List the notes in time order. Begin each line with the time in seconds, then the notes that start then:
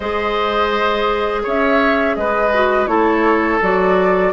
0.00 G#3 G#4 C5 D#5
1.43 C#4 C#5 E5
2.15 G#3 B4 D#5
2.54 F#4
2.86 A3 E4 A4 C#5
3.61 F#3 F#4 D5